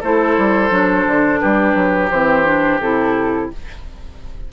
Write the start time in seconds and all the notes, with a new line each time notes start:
0.00 A3 E4 A4 C5
0.37 G3
0.70 F#3 D4
1.06 D3
1.39 G3 G4 B4
1.75 F#3
2.10 E3 C4 C5
2.44 D4
2.79 C3 E4 A4